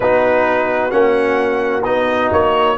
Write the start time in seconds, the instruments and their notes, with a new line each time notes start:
0.00 tuba B3, trombone D#4, horn F#4, trumpet B4
0.90 tuba A#3, trombone C#4, trumpet F#5
1.83 tuba B3, trombone D#4, trumpet D#5
2.32 tuba A#3, trumpet C#5